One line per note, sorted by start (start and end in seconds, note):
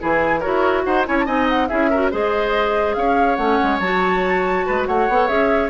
0.00 0.45 E3
0.00 0.42 E4
0.00 0.40 G#4
0.00 0.41 G#5
0.40 0.87 E4
0.40 1.05 F#4
0.40 0.82 A#4
0.40 0.83 C#5
0.84 1.08 D#4
0.84 1.07 C5
0.84 1.05 F#5
1.06 1.27 C#4
1.06 1.26 E4
1.06 1.26 C#5
1.06 1.18 G#5
1.20 1.68 D#5
1.20 1.27 A5
1.26 1.70 C4
1.26 1.68 D#4
1.26 1.48 G#5
1.49 1.68 F#5
1.68 2.13 C#4
1.68 1.91 E4
1.68 1.90 G#4
1.68 2.10 E5
1.90 2.12 F#4
1.90 2.11 A#4
2.11 2.96 G#3
2.11 3.39 G#4
2.11 2.96 C5
2.11 2.94 D#5
2.94 3.38 C#4
2.94 4.66 C#5
2.94 3.36 F5
3.36 3.59 A3
3.36 3.81 C#4
3.36 3.78 F#5
3.63 3.80 G#3
3.80 4.64 F#3
3.80 5.10 F#4
3.80 4.85 A5
4.66 4.88 G#3
4.66 4.88 B4
4.86 5.09 A3
4.86 5.70 C#5
4.86 5.28 F#5
5.09 5.29 B3
5.09 5.28 A4
5.28 5.70 C#4
5.28 5.70 G#4
5.28 5.70 E5